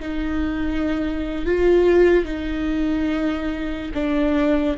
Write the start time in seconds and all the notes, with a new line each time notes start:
0.00 D#4
1.46 F4
2.25 D#4
3.94 D4